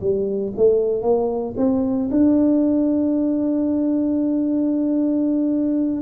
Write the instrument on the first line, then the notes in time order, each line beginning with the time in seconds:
tuba
0.00 G3
0.56 A3
1.02 A#3
1.57 C4
2.11 D4